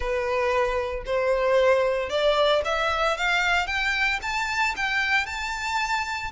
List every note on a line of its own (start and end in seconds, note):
0.00 1.03 B4
1.05 2.09 C5
2.09 2.62 D5
2.65 3.17 E5
3.17 3.67 F5
3.67 4.19 G5
4.22 4.74 A5
4.76 5.25 G5
5.25 6.31 A5